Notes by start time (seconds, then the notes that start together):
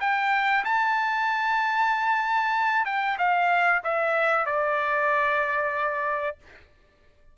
0.00 G5
0.64 A5
2.85 G5
3.18 F5
3.84 E5
4.46 D5